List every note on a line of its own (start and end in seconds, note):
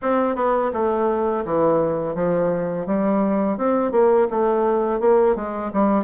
0.02 0.35 C4
0.35 0.71 B3
0.73 1.44 A3
1.44 2.15 E3
2.15 2.86 F3
2.86 3.57 G3
3.57 3.91 C4
3.91 4.27 A#3
4.30 5.00 A3
5.00 5.35 A#3
5.35 5.71 G#3
5.73 6.04 G3